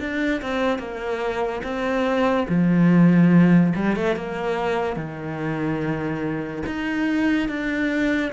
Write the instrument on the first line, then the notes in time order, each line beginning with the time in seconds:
cello
0.00 D4
0.42 C4
0.79 A#3
1.63 C4
2.48 F3
3.75 G3
3.96 A3
4.16 A#3
4.96 D#3
6.66 D#4
7.48 D4